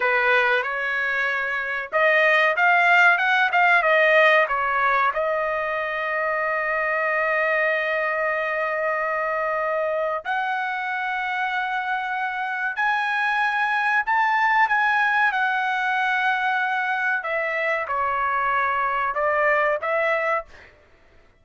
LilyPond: \new Staff \with { instrumentName = "trumpet" } { \time 4/4 \tempo 4 = 94 b'4 cis''2 dis''4 | f''4 fis''8 f''8 dis''4 cis''4 | dis''1~ | dis''1 |
fis''1 | gis''2 a''4 gis''4 | fis''2. e''4 | cis''2 d''4 e''4 | }